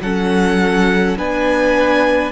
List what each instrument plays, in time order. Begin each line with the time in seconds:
0.00 cello F#3, viola C#4, violin A4 F#5
1.18 cello B3, viola D4, violin B4 G#5